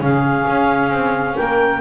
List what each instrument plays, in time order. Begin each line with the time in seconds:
0.00 double bass C#3, viola C#4, saxophone G#4, clarinet F5
0.47 double bass C#4
0.91 double bass C4
1.36 double bass A#3, saxophone A#4, clarinet G5